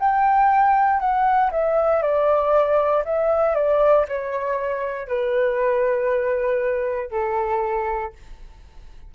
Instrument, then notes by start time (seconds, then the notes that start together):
flute
0.00 G5
1.00 F#5
1.52 E5
2.02 D5
3.05 E5
3.55 D5
4.09 C#5
5.08 B4
7.11 A4